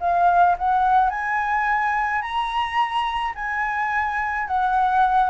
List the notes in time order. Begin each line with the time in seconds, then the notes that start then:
0.00 F5
0.58 F#5
1.10 G#5
2.21 A#5
3.35 G#5
4.47 F#5